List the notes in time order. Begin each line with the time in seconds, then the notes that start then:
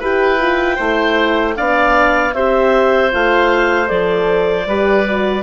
0.00 E4 G4 B4 G5
0.39 F4
0.76 A3 E4 C5
1.57 B3 D4 D5 F5
2.34 C4 G4 C5 E5
3.12 A3 F4 F5
3.86 F3 A4 D5
4.67 G3 G4 B4
5.08 F#4